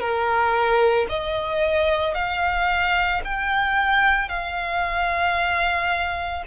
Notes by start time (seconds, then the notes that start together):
0.00 A#4
1.10 D#5
2.14 F5
3.24 G5
4.29 F5